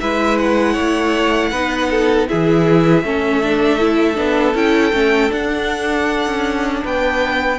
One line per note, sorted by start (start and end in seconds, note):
0.00 0.77 G#3
0.00 1.53 E4
0.00 0.73 B4
0.00 0.38 E5
0.38 2.28 F#5
0.73 1.52 A3
0.73 1.49 C#5
1.51 2.28 B3
1.51 2.27 D#4
1.51 1.89 B4
1.90 2.28 A4
2.27 3.03 E3
2.27 3.03 E4
2.27 3.04 G#4
2.27 4.55 E5
3.03 4.17 A3
3.03 3.42 C#4
3.03 6.83 A4
3.42 3.79 D4
3.79 4.14 E4
4.14 4.54 B3
4.14 4.52 D4
4.54 4.92 C#4
4.54 4.92 E4
4.54 5.31 G5
4.92 5.31 A3
4.92 5.29 C#4
5.29 7.56 D4
5.29 6.26 D4
5.29 6.84 F#5
6.26 6.83 C#4
6.83 7.58 B3
6.83 7.58 B4
6.83 7.58 G5